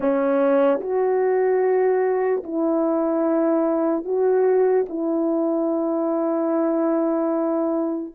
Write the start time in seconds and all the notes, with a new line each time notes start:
0.00 C#4
0.80 F#4
2.43 E4
4.04 F#4
4.89 E4